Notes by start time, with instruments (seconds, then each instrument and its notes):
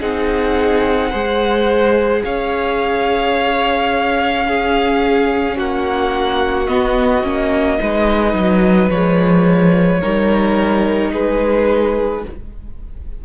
0.00 cello C4, viola D#4, violin G#4 F#5
1.11 cello G#3, viola G#4, violin C5
2.24 cello C#4, violin C#5 F5
4.46 viola C#4, violin G#4
5.57 cello A#3, violin F#4 F#5
6.67 viola B3, cello B3, violin D#5
7.23 cello A#3, viola C#4
7.79 cello G#3, viola D#4, violin B4
8.34 cello F#3
8.90 cello F3, viola G#3, violin C#5
10.00 cello G3, viola D#4, violin A#4
11.13 cello G#3, violin G#4 B4